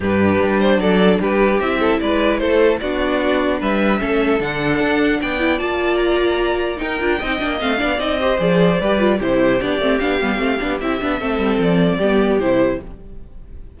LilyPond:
<<
  \new Staff \with { instrumentName = "violin" } { \time 4/4 \tempo 4 = 150 b'4. c''8 d''4 b'4 | e''4 d''4 c''4 d''4~ | d''4 e''2 fis''4~ | fis''4 g''4 a''4 ais''4~ |
ais''4 g''2 f''4 | dis''4 d''2 c''4 | d''4 f''2 e''4~ | e''4 d''2 c''4 | }
  \new Staff \with { instrumentName = "violin" } { \time 4/4 g'2 a'4 g'4~ | g'8 a'8 b'4 a'4 fis'4~ | fis'4 b'4 a'2~ | a'4 d''2.~ |
d''4 ais'4 dis''4. d''8~ | d''8 c''4. b'4 g'4~ | g'1 | a'2 g'2 | }
  \new Staff \with { instrumentName = "viola" } { \time 4/4 d'1 | e'2. d'4~ | d'2 cis'4 d'4~ | d'4. e'8 f'2~ |
f'4 dis'8 f'8 dis'8 d'8 c'8 d'8 | dis'8 g'8 gis'4 g'8 f'8 e'4 | d'8 c'8 d'8 b8 c'8 d'8 e'8 d'8 | c'2 b4 e'4 | }
  \new Staff \with { instrumentName = "cello" } { \time 4/4 g,4 g4 fis4 g4 | c'4 gis4 a4 b4~ | b4 g4 a4 d4 | d'4 b4 ais2~ |
ais4 dis'8 d'8 c'8 ais8 a8 b8 | c'4 f4 g4 c4 | b8 a8 b8 g8 a8 b8 c'8 b8 | a8 g8 f4 g4 c4 | }
>>